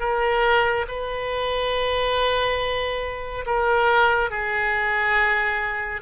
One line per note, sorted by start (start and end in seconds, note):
0.00 0.86 A#4
0.88 3.45 B4
3.46 4.30 A#4
4.30 6.02 G#4